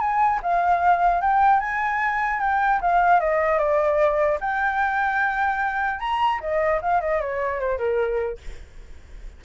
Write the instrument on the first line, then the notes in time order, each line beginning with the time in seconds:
flute
0.00 G#5
0.43 F5
1.21 G5
1.60 G#5
2.40 G5
2.81 F5
3.20 D#5
3.59 D5
4.41 G5
5.99 A#5
6.40 D#5
6.82 F5
7.01 D#5
7.21 C#5
7.60 C5
7.78 A#4